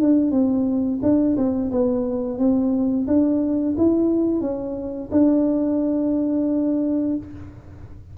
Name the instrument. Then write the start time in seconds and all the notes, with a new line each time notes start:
tuba
0.00 D4
0.31 C4
1.02 D4
1.36 C4
1.71 B3
2.38 C4
3.07 D4
3.77 E4
4.41 C#4
5.11 D4